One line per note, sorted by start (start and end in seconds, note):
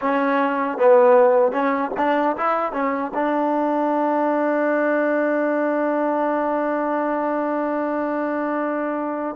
0.01 0.78 C#4
0.78 1.52 B3
1.52 1.91 C#4
1.97 2.36 D4
2.36 2.72 E4
2.72 3.11 C#4
3.13 9.36 D4